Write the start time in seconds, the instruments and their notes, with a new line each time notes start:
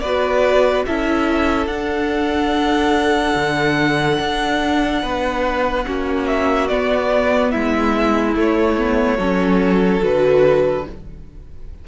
0.00 cello B3, viola F#4, violin B4 D5
0.86 cello C#4, viola E4, violin A4 E5
1.67 cello D4, viola D4, violin F#5
3.35 cello D3
4.19 cello D4
5.02 cello B3, violin B4
5.86 cello A#3, viola C#4, violin F#4
6.27 violin E5
6.68 viola B3, cello B3, violin D5
7.51 cello G#3, violin E4 E5
8.35 viola A3, cello A3, violin C#5
8.78 viola B3
9.18 cello F#3, viola C#4, violin A4
10.01 cello D3, viola F#4, violin B4